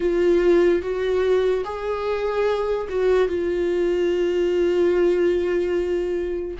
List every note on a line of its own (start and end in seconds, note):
0.00 0.81 F4
0.81 1.64 F#4
1.64 2.87 G#4
2.89 3.28 F#4
3.28 6.57 F4